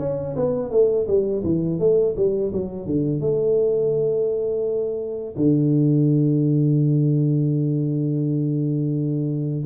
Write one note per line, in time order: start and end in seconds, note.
0.00 0.36 C#4
0.36 0.71 B3
0.71 1.07 A3
1.08 1.44 G3
1.44 1.80 E3
1.80 2.16 A3
2.17 2.53 G3
2.54 2.86 F#3
2.86 3.21 D3
3.21 5.35 A3
5.37 9.65 D3